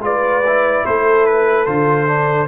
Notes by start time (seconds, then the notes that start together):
0.00 G#3 F4 B4 D5
0.47 E4
0.85 A3 A4 C5
1.27 B4
1.66 D3 F4 C5
2.08 D4